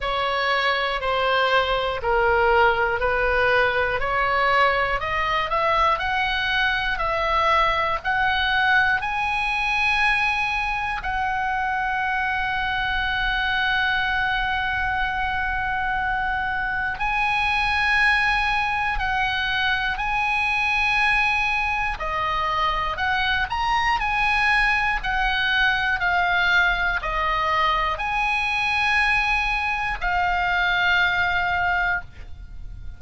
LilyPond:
\new Staff \with { instrumentName = "oboe" } { \time 4/4 \tempo 4 = 60 cis''4 c''4 ais'4 b'4 | cis''4 dis''8 e''8 fis''4 e''4 | fis''4 gis''2 fis''4~ | fis''1~ |
fis''4 gis''2 fis''4 | gis''2 dis''4 fis''8 ais''8 | gis''4 fis''4 f''4 dis''4 | gis''2 f''2 | }